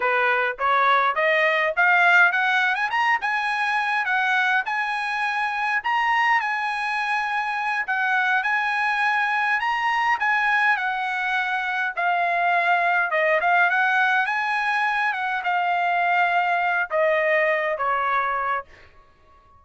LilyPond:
\new Staff \with { instrumentName = "trumpet" } { \time 4/4 \tempo 4 = 103 b'4 cis''4 dis''4 f''4 | fis''8. gis''16 ais''8 gis''4. fis''4 | gis''2 ais''4 gis''4~ | gis''4. fis''4 gis''4.~ |
gis''8 ais''4 gis''4 fis''4.~ | fis''8 f''2 dis''8 f''8 fis''8~ | fis''8 gis''4. fis''8 f''4.~ | f''4 dis''4. cis''4. | }